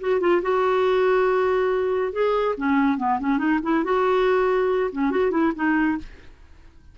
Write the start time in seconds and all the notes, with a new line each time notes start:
0.00 F#4
0.20 F4
0.42 F#4
2.12 G#4
2.57 C#4
2.97 B3
3.19 C#4
3.38 D#4
3.62 E4
3.84 F#4
4.91 C#4
5.11 F#4
5.31 E4
5.55 D#4